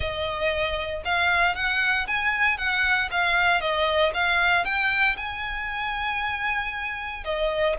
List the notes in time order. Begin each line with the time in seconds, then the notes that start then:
0.00 D#5
1.04 F5
1.55 F#5
2.07 G#5
2.57 F#5
3.11 F5
3.60 D#5
4.14 F5
4.64 G5
5.17 G#5
7.24 D#5